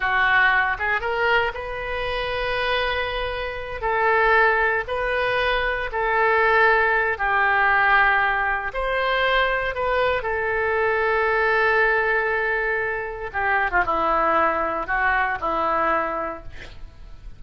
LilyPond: \new Staff \with { instrumentName = "oboe" } { \time 4/4 \tempo 4 = 117 fis'4. gis'8 ais'4 b'4~ | b'2.~ b'8 a'8~ | a'4. b'2 a'8~ | a'2 g'2~ |
g'4 c''2 b'4 | a'1~ | a'2 g'8. f'16 e'4~ | e'4 fis'4 e'2 | }